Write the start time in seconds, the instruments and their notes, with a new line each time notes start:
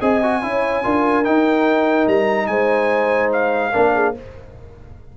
0.00 tuba C4, trombone G#4, horn D#5, trumpet G#5
0.23 trombone F#4
0.42 tuba C#4, trombone E4, horn C#5
0.83 tuba D4, trombone F4, horn A#4
1.24 trombone D#4, tuba D#4, trumpet G5
2.07 tuba G3, trumpet A#5
2.47 tuba G#3, horn C5, trumpet G#5
3.32 trumpet F5
3.71 tuba A#3, trombone D4, horn A#4
3.94 horn G#4